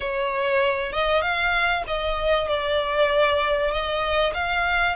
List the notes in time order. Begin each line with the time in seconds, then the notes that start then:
0.00 C#5
0.92 D#5
1.21 F5
1.87 D#5
2.47 D5
3.71 D#5
4.34 F5